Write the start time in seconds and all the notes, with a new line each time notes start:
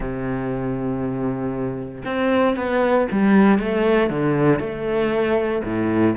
0.00 C3
2.05 C4
2.56 B3
3.11 G3
3.58 A3
4.10 D3
4.59 A3
5.63 A2